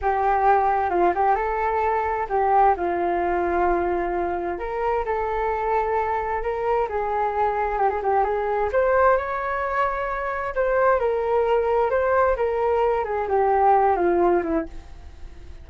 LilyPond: \new Staff \with { instrumentName = "flute" } { \time 4/4 \tempo 4 = 131 g'2 f'8 g'8 a'4~ | a'4 g'4 f'2~ | f'2 ais'4 a'4~ | a'2 ais'4 gis'4~ |
gis'4 g'16 gis'16 g'8 gis'4 c''4 | cis''2. c''4 | ais'2 c''4 ais'4~ | ais'8 gis'8 g'4. f'4 e'8 | }